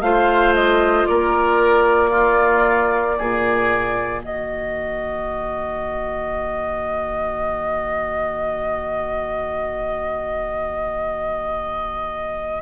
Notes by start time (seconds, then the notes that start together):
0.00 A3 F4 C5 F5
0.54 D#5
1.06 A#3 A#4 D5
2.10 A#3 F4
3.18 A#2 G#4
4.21 D#3 F#4 D#5